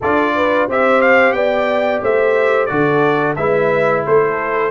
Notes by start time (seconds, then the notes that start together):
0.01 D4 F4 A4 D5
0.35 B4
0.68 C4 G4 C5 E5
1.01 F5
1.32 B3 D5 G5
2.02 A3 C5 E5
2.66 D3 F#4 A4 D5
3.36 G#3 E4 B4 E5
4.05 A3 A4 C5